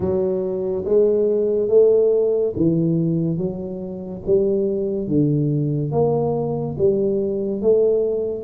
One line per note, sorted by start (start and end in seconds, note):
0.00 0.84 F#3
0.85 1.68 G#3
1.68 2.53 A3
2.55 3.37 E3
3.37 4.22 F#3
4.26 5.07 G3
5.07 5.91 D3
5.91 6.76 A#3
6.78 7.61 G3
7.61 8.44 A3